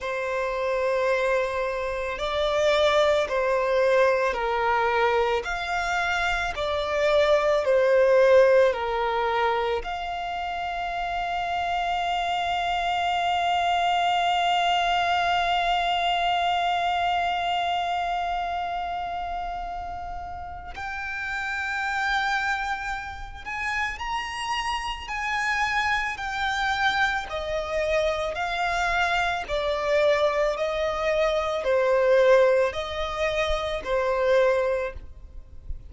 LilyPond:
\new Staff \with { instrumentName = "violin" } { \time 4/4 \tempo 4 = 55 c''2 d''4 c''4 | ais'4 f''4 d''4 c''4 | ais'4 f''2.~ | f''1~ |
f''2. g''4~ | g''4. gis''8 ais''4 gis''4 | g''4 dis''4 f''4 d''4 | dis''4 c''4 dis''4 c''4 | }